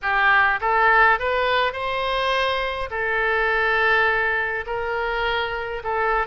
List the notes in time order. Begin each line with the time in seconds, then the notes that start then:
0.02 G4
0.60 A4
1.19 B4
1.73 C5
2.90 A4
4.66 A#4
5.83 A4